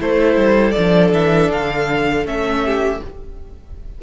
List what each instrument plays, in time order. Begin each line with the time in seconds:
0.00 cello A3, viola E4, violin A4 C5
0.37 cello G3
0.71 viola D4, violin D5
0.78 cello F3
1.13 cello E3, violin E5
1.50 cello D3, violin F5
2.25 cello A3, viola C#4, violin E5
2.65 violin G4